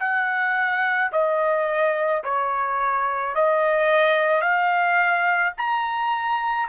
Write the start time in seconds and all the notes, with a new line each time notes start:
0.00 F#5
1.13 D#5
2.24 C#5
3.35 D#5
4.41 F5
5.58 A#5